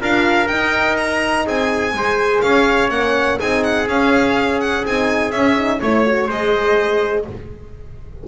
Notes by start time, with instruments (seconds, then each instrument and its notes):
0.00 double bass D4, horn F4, trumpet A#4, violin F5
0.48 double bass D#4, horn D#4, violin G5
0.97 violin A#5
1.46 double bass C4, trumpet G#4, violin G#5
1.93 double bass G#3, horn G#4, trumpet C5
2.41 double bass C#4, trumpet C#5, violin F5
2.90 double bass A#3, horn C#4, violin F#5
3.39 double bass C4, horn D#4, trumpet G#4, violin G#5
3.64 violin F#5
3.87 double bass C#4, horn C#4, violin F5
4.60 violin F#5
4.85 double bass C4, horn D#4, violin G#5
5.31 double bass C#4, horn C#4, violin E5
5.56 horn D#4
5.79 double bass A3, horn E4, trumpet C#5, violin C#5
6.06 horn F#4
6.27 double bass G#3, horn G#4, trumpet C5, violin D#5